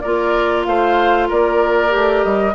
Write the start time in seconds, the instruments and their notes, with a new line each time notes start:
0.00 bassoon A#3, clarinet F4, oboe A#4, flute D5
0.65 bassoon A3, oboe C5, flute F5
1.28 bassoon A#3, oboe A#4, flute D5
1.89 bassoon A3, clarinet G4
2.24 bassoon G3, flute D#5